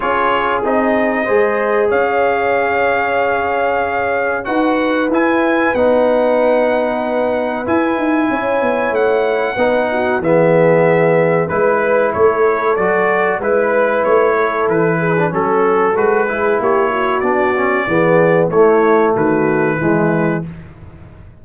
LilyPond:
<<
  \new Staff \with { instrumentName = "trumpet" } { \time 4/4 \tempo 4 = 94 cis''4 dis''2 f''4~ | f''2. fis''4 | gis''4 fis''2. | gis''2 fis''2 |
e''2 b'4 cis''4 | d''4 b'4 cis''4 b'4 | a'4 b'4 cis''4 d''4~ | d''4 cis''4 b'2 | }
  \new Staff \with { instrumentName = "horn" } { \time 4/4 gis'2 c''4 cis''4~ | cis''2. b'4~ | b'1~ | b'4 cis''2 b'8 fis'8 |
gis'2 b'4 a'4~ | a'4 b'4. a'4 gis'8 | a'4. gis'8 g'8 fis'4. | gis'4 e'4 fis'4 e'4 | }
  \new Staff \with { instrumentName = "trombone" } { \time 4/4 f'4 dis'4 gis'2~ | gis'2. fis'4 | e'4 dis'2. | e'2. dis'4 |
b2 e'2 | fis'4 e'2~ e'8. d'16 | cis'4 fis'8 e'4. d'8 cis'8 | b4 a2 gis4 | }
  \new Staff \with { instrumentName = "tuba" } { \time 4/4 cis'4 c'4 gis4 cis'4~ | cis'2. dis'4 | e'4 b2. | e'8 dis'8 cis'8 b8 a4 b4 |
e2 gis4 a4 | fis4 gis4 a4 e4 | fis4 gis4 ais4 b4 | e4 a4 dis4 e4 | }
>>